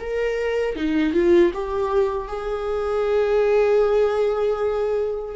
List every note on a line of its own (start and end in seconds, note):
0.00 0.76 A#4
0.76 1.14 D#4
1.14 1.52 F4
1.54 2.28 G4
2.28 5.36 G#4